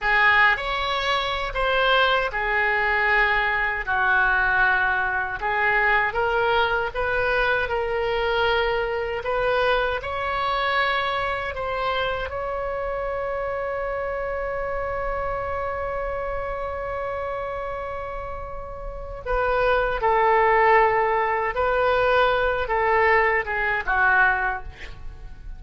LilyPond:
\new Staff \with { instrumentName = "oboe" } { \time 4/4 \tempo 4 = 78 gis'8. cis''4~ cis''16 c''4 gis'4~ | gis'4 fis'2 gis'4 | ais'4 b'4 ais'2 | b'4 cis''2 c''4 |
cis''1~ | cis''1~ | cis''4 b'4 a'2 | b'4. a'4 gis'8 fis'4 | }